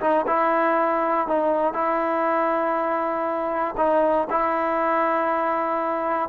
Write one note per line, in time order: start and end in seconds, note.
0.00 0.25 D#4
0.27 1.27 E4
1.27 1.73 D#4
1.73 3.75 E4
3.77 4.27 D#4
4.29 6.29 E4